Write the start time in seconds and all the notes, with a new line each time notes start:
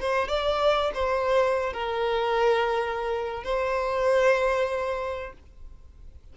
0.00 C5
0.28 D5
0.94 C5
1.73 A#4
3.43 C5